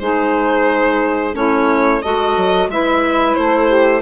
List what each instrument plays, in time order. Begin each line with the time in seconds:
0.00 bassoon G#3, clarinet D#4, saxophone G#4, violin C5
1.33 bassoon A3, clarinet C#4, saxophone E4, violin C#5
2.02 bassoon G#3, clarinet F#4, saxophone A4, violin D#5
2.37 bassoon F#3
2.68 bassoon G#3, clarinet E4, saxophone B4, violin E5
3.34 bassoon A3, saxophone A4, violin C5
3.68 saxophone G4